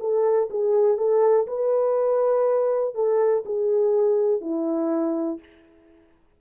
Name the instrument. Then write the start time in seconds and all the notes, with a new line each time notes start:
horn
0.00 A4
0.50 G#4
0.97 A4
1.47 B4
2.95 A4
3.46 G#4
4.41 E4